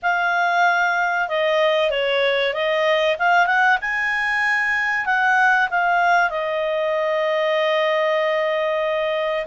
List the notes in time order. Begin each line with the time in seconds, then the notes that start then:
0.02 F5
1.28 D#5
1.90 C#5
2.53 D#5
3.19 F5
3.46 F#5
3.81 G#5
5.05 F#5
5.70 F5
6.30 D#5